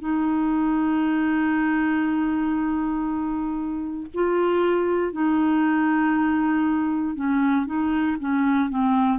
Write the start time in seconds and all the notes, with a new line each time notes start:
0.00 D#4
4.14 F4
5.13 D#4
7.16 C#4
7.66 D#4
8.20 C#4
8.69 C4